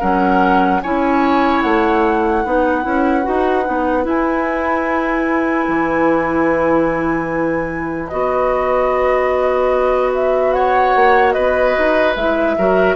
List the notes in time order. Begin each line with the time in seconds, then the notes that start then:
0.00 F#3 C#4 A#4 F#5
0.83 C#4 E4 C#5 G#5
1.62 A3 F#5
2.43 B3 D#4 B4
2.83 C#4 E4
3.23 D#4 F#4
3.65 B3 D#4
4.04 E4 G#5
5.68 E3
8.09 B3 F#4 D#5
10.15 E5
10.53 C#5 F#5
10.96 A#3
11.33 B3 B4 D#5
11.78 D#4
12.15 G#3 E4 E5
12.58 F#3 F#4 A#4